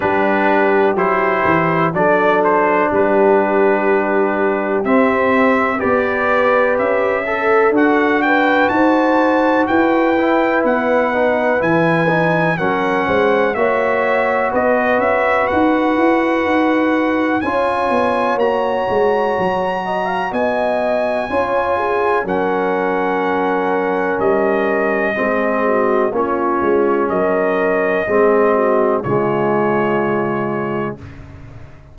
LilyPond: <<
  \new Staff \with { instrumentName = "trumpet" } { \time 4/4 \tempo 4 = 62 b'4 c''4 d''8 c''8 b'4~ | b'4 e''4 d''4 e''4 | fis''8 g''8 a''4 g''4 fis''4 | gis''4 fis''4 e''4 dis''8 e''8 |
fis''2 gis''4 ais''4~ | ais''4 gis''2 fis''4~ | fis''4 dis''2 cis''4 | dis''2 cis''2 | }
  \new Staff \with { instrumentName = "horn" } { \time 4/4 g'2 a'4 g'4~ | g'2 b'4. a'8~ | a'8 b'8 c''4 b'2~ | b'4 ais'8 c''8 cis''4 b'4~ |
b'2 cis''2~ | cis''8 dis''16 f''16 dis''4 cis''8 gis'8 ais'4~ | ais'2 gis'8 fis'8 f'4 | ais'4 gis'8 fis'8 f'2 | }
  \new Staff \with { instrumentName = "trombone" } { \time 4/4 d'4 e'4 d'2~ | d'4 c'4 g'4. a'8 | fis'2~ fis'8 e'4 dis'8 | e'8 dis'8 cis'4 fis'2~ |
fis'2 f'4 fis'4~ | fis'2 f'4 cis'4~ | cis'2 c'4 cis'4~ | cis'4 c'4 gis2 | }
  \new Staff \with { instrumentName = "tuba" } { \time 4/4 g4 fis8 e8 fis4 g4~ | g4 c'4 b4 cis'4 | d'4 dis'4 e'4 b4 | e4 fis8 gis8 ais4 b8 cis'8 |
dis'8 e'8 dis'4 cis'8 b8 ais8 gis8 | fis4 b4 cis'4 fis4~ | fis4 g4 gis4 ais8 gis8 | fis4 gis4 cis2 | }
>>